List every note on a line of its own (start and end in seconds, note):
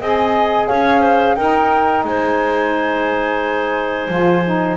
0.00 0.69 C4
0.00 1.37 G#4
0.00 0.68 D#5
0.00 0.68 G#5
0.68 1.36 C#4
0.68 1.00 C#5
0.68 1.35 F5
1.00 1.34 C5
1.35 2.04 D#4
1.35 4.10 D#4
1.35 2.05 A#4
1.35 2.03 G5
2.04 4.08 G#3
2.04 4.77 C5
2.04 4.77 G#5
4.08 4.76 F3
4.08 4.44 F4
4.44 4.77 D#4